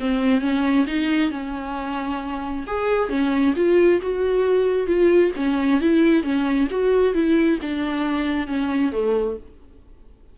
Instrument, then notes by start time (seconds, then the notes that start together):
viola
0.00 C4
0.41 C#4
0.87 D#4
1.31 C#4
2.67 G#4
3.09 C#4
3.56 F4
4.02 F#4
4.87 F4
5.36 C#4
5.81 E4
6.23 C#4
6.70 F#4
7.14 E4
7.62 D4
8.47 C#4
8.92 A3